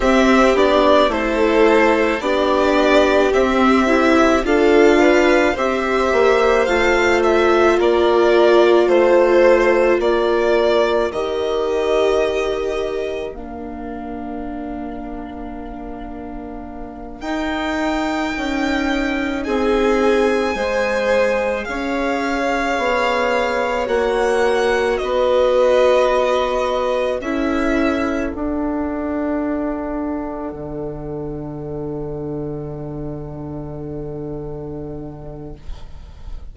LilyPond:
<<
  \new Staff \with { instrumentName = "violin" } { \time 4/4 \tempo 4 = 54 e''8 d''8 c''4 d''4 e''4 | f''4 e''4 f''8 e''8 d''4 | c''4 d''4 dis''2 | f''2.~ f''8 g''8~ |
g''4. gis''2 f''8~ | f''4. fis''4 dis''4.~ | dis''8 e''4 fis''2~ fis''8~ | fis''1 | }
  \new Staff \with { instrumentName = "violin" } { \time 4/4 g'4 a'4 g'2 | a'8 b'8 c''2 ais'4 | c''4 ais'2.~ | ais'1~ |
ais'4. gis'4 c''4 cis''8~ | cis''2~ cis''8 b'4.~ | b'8 a'2.~ a'8~ | a'1 | }
  \new Staff \with { instrumentName = "viola" } { \time 4/4 c'8 d'8 e'4 d'4 c'8 e'8 | f'4 g'4 f'2~ | f'2 g'2 | d'2.~ d'8 dis'8~ |
dis'2~ dis'8 gis'4.~ | gis'4. fis'2~ fis'8~ | fis'8 e'4 d'2~ d'8~ | d'1 | }
  \new Staff \with { instrumentName = "bassoon" } { \time 4/4 c'8 b8 a4 b4 c'4 | d'4 c'8 ais8 a4 ais4 | a4 ais4 dis2 | ais2.~ ais8 dis'8~ |
dis'8 cis'4 c'4 gis4 cis'8~ | cis'8 b4 ais4 b4.~ | b8 cis'4 d'2 d8~ | d1 | }
>>